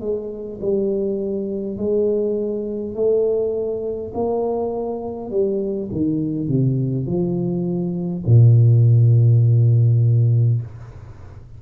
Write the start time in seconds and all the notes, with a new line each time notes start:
0.00 G#3
0.61 G3
1.77 G#3
2.94 A3
4.14 A#3
5.30 G3
5.91 D#3
6.48 C3
7.06 F3
8.26 A#2